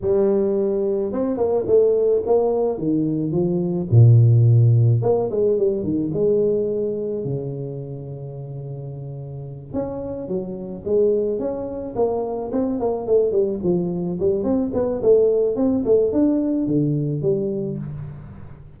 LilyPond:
\new Staff \with { instrumentName = "tuba" } { \time 4/4 \tempo 4 = 108 g2 c'8 ais8 a4 | ais4 dis4 f4 ais,4~ | ais,4 ais8 gis8 g8 dis8 gis4~ | gis4 cis2.~ |
cis4. cis'4 fis4 gis8~ | gis8 cis'4 ais4 c'8 ais8 a8 | g8 f4 g8 c'8 b8 a4 | c'8 a8 d'4 d4 g4 | }